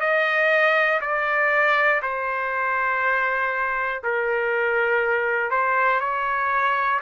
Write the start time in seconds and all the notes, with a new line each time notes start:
0.00 D#5
1.01 D5
2.02 C5
4.04 A#4
5.51 C5
6.00 C#5